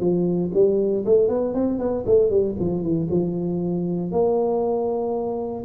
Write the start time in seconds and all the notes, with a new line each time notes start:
0.00 F3
0.54 G3
1.05 A3
1.29 B3
1.54 C4
1.79 B3
2.06 A3
2.30 G3
2.60 F3
2.82 E3
3.10 F3
4.12 A#3